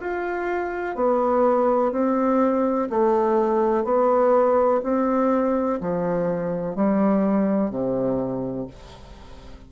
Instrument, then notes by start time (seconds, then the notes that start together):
bassoon
0.00 F4
0.96 B3
1.92 C4
2.90 A3
3.84 B3
4.83 C4
5.81 F3
6.76 G3
7.71 C3